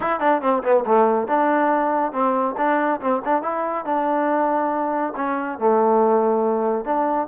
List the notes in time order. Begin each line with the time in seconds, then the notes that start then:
0.00 E4
0.20 D4
0.41 C4
0.63 B3
0.85 A3
1.27 D4
2.12 C4
2.57 D4
3.00 C4
3.25 D4
3.42 E4
3.85 D4
5.16 C#4
5.58 A3
6.85 D4